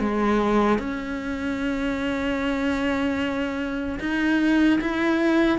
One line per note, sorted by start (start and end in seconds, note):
0.00 0.79 G#3
0.79 3.99 C#4
4.00 4.80 D#4
4.81 5.59 E4